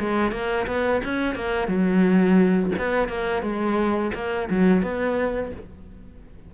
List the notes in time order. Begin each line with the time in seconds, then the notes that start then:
0.00 G#3
0.32 A#3
0.67 B3
1.05 C#4
1.36 A#3
1.68 F#3
2.79 B3
3.09 A#3
3.43 G#3
4.15 A#3
4.50 F#3
4.83 B3